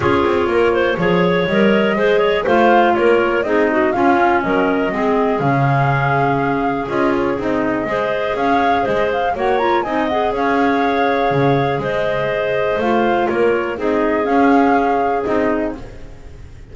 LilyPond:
<<
  \new Staff \with { instrumentName = "flute" } { \time 4/4 \tempo 4 = 122 cis''2. dis''4~ | dis''4 f''4 cis''4 dis''4 | f''4 dis''2 f''4~ | f''2 dis''8 cis''8 dis''4~ |
dis''4 f''4 dis''8 f''8 fis''8 ais''8 | gis''8 fis''8 f''2. | dis''2 f''4 cis''4 | dis''4 f''2 dis''4 | }
  \new Staff \with { instrumentName = "clarinet" } { \time 4/4 gis'4 ais'8 c''8 cis''2 | c''8 cis''8 c''4 ais'4 gis'8 fis'8 | f'4 ais'4 gis'2~ | gis'1 |
c''4 cis''4 c''4 cis''4 | dis''4 cis''2. | c''2. ais'4 | gis'1 | }
  \new Staff \with { instrumentName = "clarinet" } { \time 4/4 f'2 gis'4 ais'4 | gis'4 f'2 dis'4 | cis'2 c'4 cis'4~ | cis'2 f'4 dis'4 |
gis'2. fis'8 f'8 | dis'8 gis'2.~ gis'8~ | gis'2 f'2 | dis'4 cis'2 dis'4 | }
  \new Staff \with { instrumentName = "double bass" } { \time 4/4 cis'8 c'8 ais4 f4 g4 | gis4 a4 ais4 c'4 | cis'4 fis4 gis4 cis4~ | cis2 cis'4 c'4 |
gis4 cis'4 gis4 ais4 | c'4 cis'2 cis4 | gis2 a4 ais4 | c'4 cis'2 c'4 | }
>>